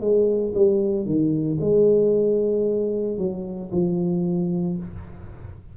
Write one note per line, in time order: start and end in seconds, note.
0.00 0.53 G#3
0.54 1.05 G3
1.05 1.58 D#3
1.60 3.17 G#3
3.17 3.70 F#3
3.72 4.77 F3